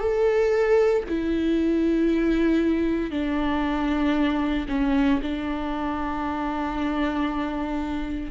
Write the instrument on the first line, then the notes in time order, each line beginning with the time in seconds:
viola
0.00 A4
1.09 E4
3.11 D4
4.69 C#4
5.22 D4